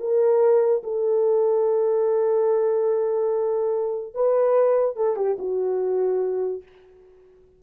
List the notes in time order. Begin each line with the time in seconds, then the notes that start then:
0.00 A#4
0.84 A4
4.15 B4
4.96 A4
5.17 G4
5.39 F#4